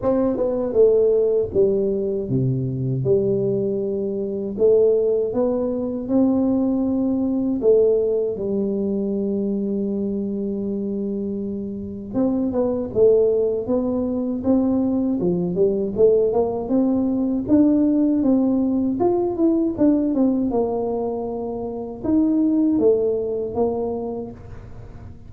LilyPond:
\new Staff \with { instrumentName = "tuba" } { \time 4/4 \tempo 4 = 79 c'8 b8 a4 g4 c4 | g2 a4 b4 | c'2 a4 g4~ | g1 |
c'8 b8 a4 b4 c'4 | f8 g8 a8 ais8 c'4 d'4 | c'4 f'8 e'8 d'8 c'8 ais4~ | ais4 dis'4 a4 ais4 | }